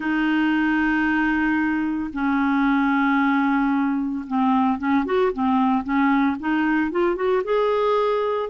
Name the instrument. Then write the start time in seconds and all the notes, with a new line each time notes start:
clarinet
0.00 D#4
2.13 C#4
4.27 C4
4.78 C#4
5.05 F#4
5.32 C4
5.83 C#4
6.39 D#4
6.91 F4
7.15 F#4
7.44 G#4